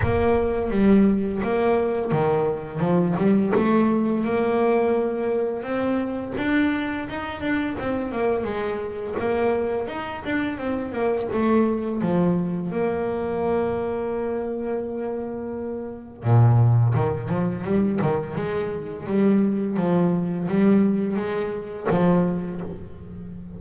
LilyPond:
\new Staff \with { instrumentName = "double bass" } { \time 4/4 \tempo 4 = 85 ais4 g4 ais4 dis4 | f8 g8 a4 ais2 | c'4 d'4 dis'8 d'8 c'8 ais8 | gis4 ais4 dis'8 d'8 c'8 ais8 |
a4 f4 ais2~ | ais2. ais,4 | dis8 f8 g8 dis8 gis4 g4 | f4 g4 gis4 f4 | }